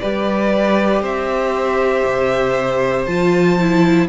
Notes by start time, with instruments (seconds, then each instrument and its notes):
0.00 cello G3, viola G4, violin B4 D5
1.02 cello C4, violin C5 E5
2.05 cello C3
3.06 cello F3, viola F4, violin A5
3.60 viola E4